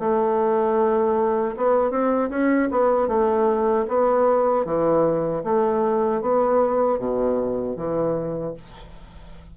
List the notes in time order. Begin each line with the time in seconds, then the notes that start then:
0.00 A3
1.57 B3
1.91 C4
2.30 C#4
2.72 B3
3.08 A3
3.89 B3
4.66 E3
5.44 A3
6.22 B3
6.99 B2
7.76 E3